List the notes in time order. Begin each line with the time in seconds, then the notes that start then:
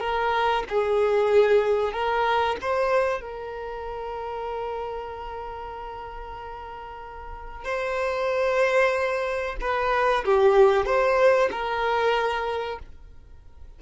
0.00 A#4
0.69 G#4
1.93 A#4
2.61 C5
3.21 A#4
7.65 C5
9.61 B4
10.25 G4
10.85 C5
11.51 A#4